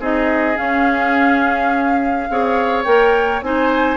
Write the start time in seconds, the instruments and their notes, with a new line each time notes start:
0.00 bassoon C4, clarinet D#4, oboe G#4, flute D#5
0.56 clarinet C#4, bassoon C#4, flute F5
2.30 bassoon C4, clarinet G#4, oboe C#5
2.84 bassoon A#3, clarinet A#4, flute G5
3.42 bassoon C4, clarinet D#4, oboe C5, flute G#5